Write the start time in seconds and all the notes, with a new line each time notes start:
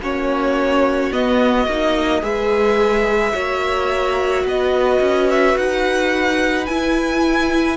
0.00 A#3 C#4 F#4 C#5
1.12 B3 D#5
1.68 A#3 D#4
2.22 G#3 G#4 B4 E5
3.32 A#3 F#4 C#5
4.44 B3 B4 D#5
5.00 C#4
5.31 E5
5.58 D#4 F#5
6.66 E4 G#5